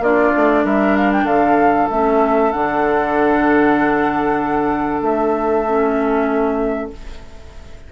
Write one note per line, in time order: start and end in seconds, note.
0.00 0.31 A#3
0.00 1.92 D4
0.00 0.65 F4
0.00 0.66 D5
0.36 0.65 A3
0.65 1.24 G3
0.65 1.25 A#4
0.65 0.97 E5
0.97 1.12 F5
1.13 1.26 G5
1.24 1.87 D3
1.24 6.88 A4
1.24 1.89 F5
1.90 2.53 A3
1.90 2.52 C#4
1.90 2.52 E5
2.52 5.02 D3
2.52 5.65 D4
2.52 5.02 F#5
5.02 6.89 A3
5.02 6.90 E5
5.67 6.92 C#4